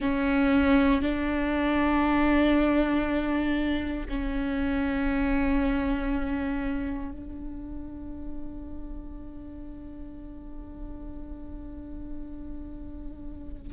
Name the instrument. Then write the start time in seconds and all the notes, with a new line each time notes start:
viola
0.00 C#4
1.02 D4
4.09 C#4
7.11 D4